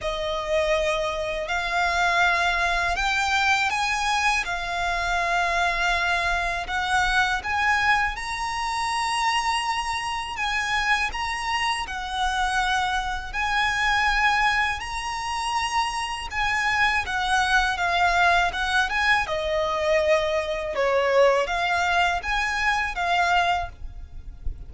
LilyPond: \new Staff \with { instrumentName = "violin" } { \time 4/4 \tempo 4 = 81 dis''2 f''2 | g''4 gis''4 f''2~ | f''4 fis''4 gis''4 ais''4~ | ais''2 gis''4 ais''4 |
fis''2 gis''2 | ais''2 gis''4 fis''4 | f''4 fis''8 gis''8 dis''2 | cis''4 f''4 gis''4 f''4 | }